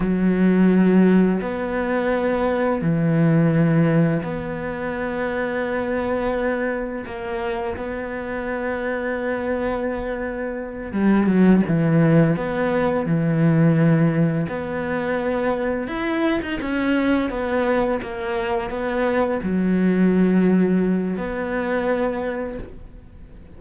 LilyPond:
\new Staff \with { instrumentName = "cello" } { \time 4/4 \tempo 4 = 85 fis2 b2 | e2 b2~ | b2 ais4 b4~ | b2.~ b8 g8 |
fis8 e4 b4 e4.~ | e8 b2 e'8. dis'16 cis'8~ | cis'8 b4 ais4 b4 fis8~ | fis2 b2 | }